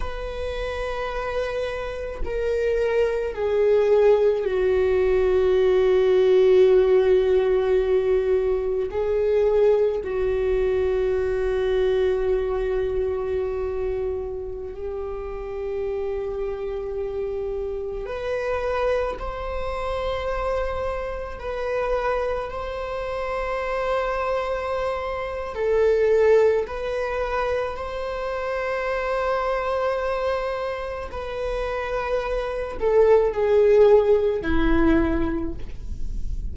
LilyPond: \new Staff \with { instrumentName = "viola" } { \time 4/4 \tempo 4 = 54 b'2 ais'4 gis'4 | fis'1 | gis'4 fis'2.~ | fis'4~ fis'16 g'2~ g'8.~ |
g'16 b'4 c''2 b'8.~ | b'16 c''2~ c''8. a'4 | b'4 c''2. | b'4. a'8 gis'4 e'4 | }